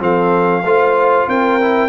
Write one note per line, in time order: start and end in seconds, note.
0.00 0.64 F3
0.00 0.63 C4
0.00 0.64 A4
0.00 1.29 F5
0.64 1.27 A3
0.64 1.60 F4
0.64 1.28 C5
1.28 1.89 C4
1.28 1.89 A#4
1.28 1.89 G5
1.61 1.89 E4